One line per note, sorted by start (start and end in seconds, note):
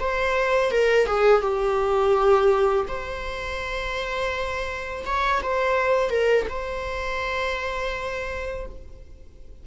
0.00 0.72 C5
0.72 1.07 A#4
1.07 1.42 G#4
1.42 2.87 G4
2.88 5.05 C5
5.06 5.42 C#5
5.43 6.11 C5
6.11 6.47 A#4
6.50 8.66 C5